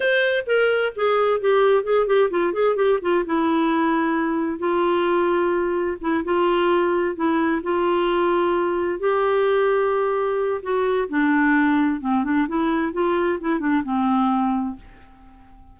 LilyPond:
\new Staff \with { instrumentName = "clarinet" } { \time 4/4 \tempo 4 = 130 c''4 ais'4 gis'4 g'4 | gis'8 g'8 f'8 gis'8 g'8 f'8 e'4~ | e'2 f'2~ | f'4 e'8 f'2 e'8~ |
e'8 f'2. g'8~ | g'2. fis'4 | d'2 c'8 d'8 e'4 | f'4 e'8 d'8 c'2 | }